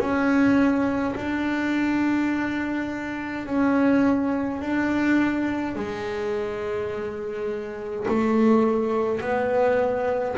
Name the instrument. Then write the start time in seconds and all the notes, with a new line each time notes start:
double bass
0.00 C#4
1.16 D4
3.46 C#4
4.62 D4
5.76 G#3
8.08 A3
9.21 B3